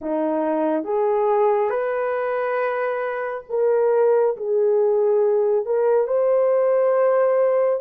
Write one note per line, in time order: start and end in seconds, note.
0.01 0.84 D#4
0.84 1.70 G#4
1.70 3.43 B4
3.49 4.36 A#4
4.37 5.65 G#4
5.65 6.07 A#4
6.07 7.80 C5